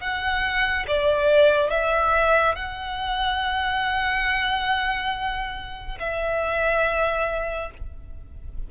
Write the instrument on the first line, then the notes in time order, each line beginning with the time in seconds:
violin
0.00 F#5
0.87 D5
1.70 E5
2.55 F#5
5.99 E5